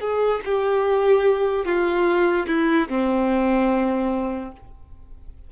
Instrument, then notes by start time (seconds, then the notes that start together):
violin
0.00 G#4
0.45 G4
1.65 F4
2.47 E4
2.89 C4